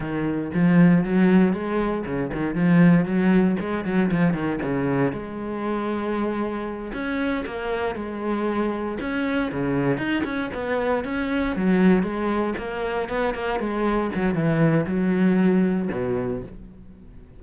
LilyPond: \new Staff \with { instrumentName = "cello" } { \time 4/4 \tempo 4 = 117 dis4 f4 fis4 gis4 | cis8 dis8 f4 fis4 gis8 fis8 | f8 dis8 cis4 gis2~ | gis4. cis'4 ais4 gis8~ |
gis4. cis'4 cis4 dis'8 | cis'8 b4 cis'4 fis4 gis8~ | gis8 ais4 b8 ais8 gis4 fis8 | e4 fis2 b,4 | }